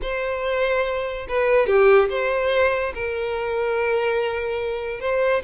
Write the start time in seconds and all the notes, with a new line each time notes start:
0.02 C5
1.28 B4
1.67 G4
2.09 C5
2.94 A#4
5.00 C5